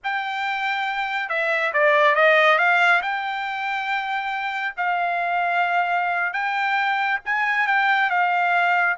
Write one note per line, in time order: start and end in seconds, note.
0.03 1.29 G5
1.29 1.72 E5
1.73 2.15 D5
2.15 2.58 D#5
2.58 3.01 F5
3.02 4.74 G5
4.76 6.33 F5
6.33 7.19 G5
7.25 7.67 G#5
7.67 8.10 G5
8.10 8.96 F5